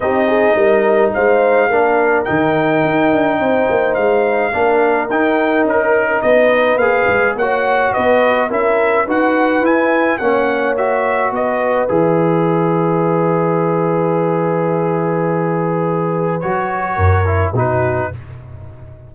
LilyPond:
<<
  \new Staff \with { instrumentName = "trumpet" } { \time 4/4 \tempo 4 = 106 dis''2 f''2 | g''2. f''4~ | f''4 g''4 ais'4 dis''4 | f''4 fis''4 dis''4 e''4 |
fis''4 gis''4 fis''4 e''4 | dis''4 e''2.~ | e''1~ | e''4 cis''2 b'4 | }
  \new Staff \with { instrumentName = "horn" } { \time 4/4 g'8 gis'8 ais'4 c''4 ais'4~ | ais'2 c''2 | ais'2. b'4~ | b'4 cis''4 b'4 ais'4 |
b'2 cis''2 | b'1~ | b'1~ | b'2 ais'4 fis'4 | }
  \new Staff \with { instrumentName = "trombone" } { \time 4/4 dis'2. d'4 | dis'1 | d'4 dis'2. | gis'4 fis'2 e'4 |
fis'4 e'4 cis'4 fis'4~ | fis'4 gis'2.~ | gis'1~ | gis'4 fis'4. e'8 dis'4 | }
  \new Staff \with { instrumentName = "tuba" } { \time 4/4 c'4 g4 gis4 ais4 | dis4 dis'8 d'8 c'8 ais8 gis4 | ais4 dis'4 cis'4 b4 | ais8 gis8 ais4 b4 cis'4 |
dis'4 e'4 ais2 | b4 e2.~ | e1~ | e4 fis4 fis,4 b,4 | }
>>